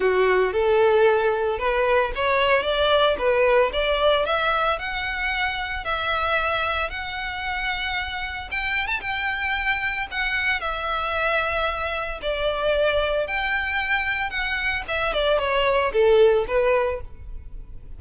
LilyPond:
\new Staff \with { instrumentName = "violin" } { \time 4/4 \tempo 4 = 113 fis'4 a'2 b'4 | cis''4 d''4 b'4 d''4 | e''4 fis''2 e''4~ | e''4 fis''2. |
g''8. a''16 g''2 fis''4 | e''2. d''4~ | d''4 g''2 fis''4 | e''8 d''8 cis''4 a'4 b'4 | }